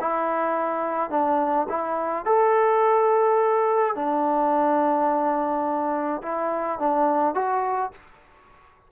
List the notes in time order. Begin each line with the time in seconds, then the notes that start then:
0.00 E4
1.10 D4
1.69 E4
2.25 A4
3.95 D4
6.22 E4
6.79 D4
7.34 F#4